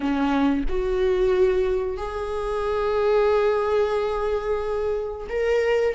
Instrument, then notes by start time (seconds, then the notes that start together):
viola
0.00 C#4
0.68 F#4
1.97 G#4
5.29 A#4